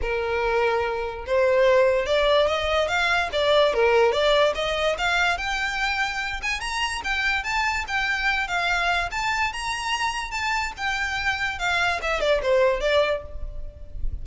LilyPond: \new Staff \with { instrumentName = "violin" } { \time 4/4 \tempo 4 = 145 ais'2. c''4~ | c''4 d''4 dis''4 f''4 | d''4 ais'4 d''4 dis''4 | f''4 g''2~ g''8 gis''8 |
ais''4 g''4 a''4 g''4~ | g''8 f''4. a''4 ais''4~ | ais''4 a''4 g''2 | f''4 e''8 d''8 c''4 d''4 | }